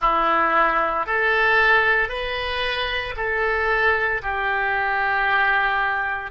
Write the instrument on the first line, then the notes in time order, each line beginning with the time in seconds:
oboe
0.00 E4
1.06 A4
2.09 B4
3.16 A4
4.22 G4